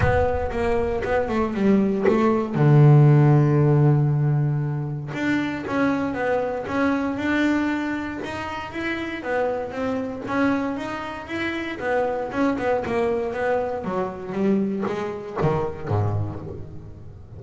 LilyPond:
\new Staff \with { instrumentName = "double bass" } { \time 4/4 \tempo 4 = 117 b4 ais4 b8 a8 g4 | a4 d2.~ | d2 d'4 cis'4 | b4 cis'4 d'2 |
dis'4 e'4 b4 c'4 | cis'4 dis'4 e'4 b4 | cis'8 b8 ais4 b4 fis4 | g4 gis4 dis4 gis,4 | }